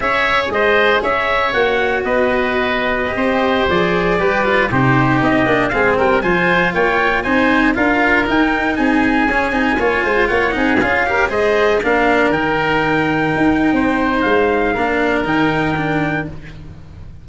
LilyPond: <<
  \new Staff \with { instrumentName = "trumpet" } { \time 4/4 \tempo 4 = 118 e''4 dis''4 e''4 fis''4 | dis''2.~ dis''16 d''8.~ | d''4~ d''16 c''4 dis''4 f''8 g''16~ | g''16 gis''4 g''4 gis''4 f''8.~ |
f''16 g''4 gis''2~ gis''8.~ | gis''16 fis''4 f''4 dis''4 f''8.~ | f''16 g''2.~ g''8. | f''2 g''2 | }
  \new Staff \with { instrumentName = "oboe" } { \time 4/4 cis''4 c''4 cis''2 | b'2~ b'16 c''4.~ c''16~ | c''16 b'4 g'2 gis'8 ais'16~ | ais'16 c''4 cis''4 c''4 ais'8.~ |
ais'4~ ais'16 gis'2 cis''8 c''16~ | c''16 cis''8 gis'4 ais'8 c''4 ais'8.~ | ais'2. c''4~ | c''4 ais'2. | }
  \new Staff \with { instrumentName = "cello" } { \time 4/4 gis'2. fis'4~ | fis'2 g'4~ g'16 gis'8.~ | gis'16 g'8 f'8 dis'4. d'8 c'8.~ | c'16 f'2 dis'4 f'8.~ |
f'16 dis'2 cis'8 dis'8 f'8.~ | f'8. dis'8 f'8 g'8 gis'4 d'8.~ | d'16 dis'2.~ dis'8.~ | dis'4 d'4 dis'4 d'4 | }
  \new Staff \with { instrumentName = "tuba" } { \time 4/4 cis'4 gis4 cis'4 ais4 | b2~ b16 c'4 f8.~ | f16 g4 c4 c'8 ais8 gis8 g16~ | g16 f4 ais4 c'4 d'8.~ |
d'16 dis'4 c'4 cis'8 c'8 ais8 gis16~ | gis16 ais8 c'8 cis'4 gis4 ais8.~ | ais16 dis2 dis'8. c'4 | gis4 ais4 dis2 | }
>>